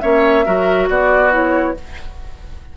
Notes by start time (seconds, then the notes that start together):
0.00 A#3 C#4 C#5 E5
0.45 F#3 F#4 A#4
0.88 B3 F#4 D5
1.31 E4 C#5